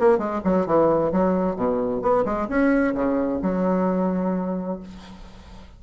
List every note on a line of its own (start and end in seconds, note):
0.00 0.19 A#3
0.19 0.42 G#3
0.44 0.67 F#3
0.67 1.12 E3
1.12 1.56 F#3
1.56 2.02 B2
2.02 2.25 B3
2.25 2.48 G#3
2.49 2.95 C#4
2.95 3.41 C#3
3.43 4.80 F#3